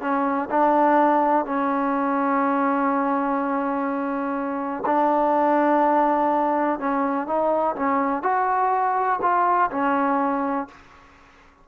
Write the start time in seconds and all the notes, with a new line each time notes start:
0.00 C#4
0.50 D4
1.45 C#4
4.86 D4
6.79 C#4
7.26 D#4
7.75 C#4
8.22 F#4
9.22 F4
9.71 C#4